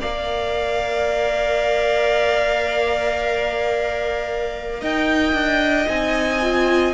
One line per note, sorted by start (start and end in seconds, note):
0.00 4.81 A#3
0.00 5.85 A#4
0.00 4.80 D5
0.00 4.83 F5
4.80 5.33 D#4
4.80 6.94 D#5
4.80 5.88 G5
5.33 5.86 D4
5.85 6.94 C4
5.85 6.39 D#4
5.85 6.94 G#5
6.42 6.94 F4